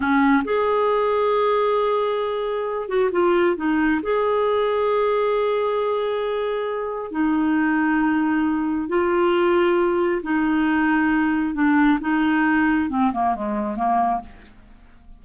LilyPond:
\new Staff \with { instrumentName = "clarinet" } { \time 4/4 \tempo 4 = 135 cis'4 gis'2.~ | gis'2~ gis'8 fis'8 f'4 | dis'4 gis'2.~ | gis'1 |
dis'1 | f'2. dis'4~ | dis'2 d'4 dis'4~ | dis'4 c'8 ais8 gis4 ais4 | }